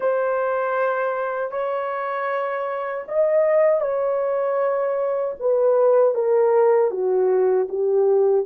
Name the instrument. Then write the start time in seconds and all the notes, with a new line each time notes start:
horn
0.00 C5
1.51 C#5
3.08 D#5
3.80 C#5
5.39 B4
6.14 A#4
6.90 F#4
7.69 G4